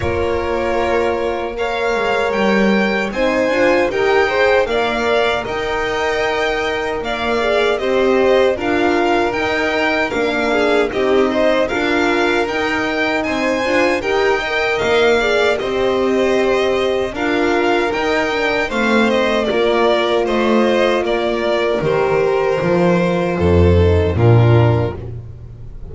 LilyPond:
<<
  \new Staff \with { instrumentName = "violin" } { \time 4/4 \tempo 4 = 77 cis''2 f''4 g''4 | gis''4 g''4 f''4 g''4~ | g''4 f''4 dis''4 f''4 | g''4 f''4 dis''4 f''4 |
g''4 gis''4 g''4 f''4 | dis''2 f''4 g''4 | f''8 dis''8 d''4 dis''4 d''4 | c''2. ais'4 | }
  \new Staff \with { instrumentName = "violin" } { \time 4/4 ais'2 cis''2 | c''4 ais'8 c''8 d''4 dis''4~ | dis''4 d''4 c''4 ais'4~ | ais'4. gis'8 g'8 c''8 ais'4~ |
ais'4 c''4 ais'8 dis''4 d''8 | c''2 ais'2 | c''4 ais'4 c''4 ais'4~ | ais'2 a'4 f'4 | }
  \new Staff \with { instrumentName = "horn" } { \time 4/4 f'2 ais'2 | dis'8 f'8 g'8 gis'8 ais'2~ | ais'4. gis'8 g'4 f'4 | dis'4 d'4 dis'4 f'4 |
dis'4. f'8 g'8 ais'4 gis'8 | g'2 f'4 dis'8 d'8 | c'4 f'2. | g'4 f'4. dis'8 d'4 | }
  \new Staff \with { instrumentName = "double bass" } { \time 4/4 ais2~ ais8 gis8 g4 | c'8 d'8 dis'4 ais4 dis'4~ | dis'4 ais4 c'4 d'4 | dis'4 ais4 c'4 d'4 |
dis'4 c'8 d'8 dis'4 ais4 | c'2 d'4 dis'4 | a4 ais4 a4 ais4 | dis4 f4 f,4 ais,4 | }
>>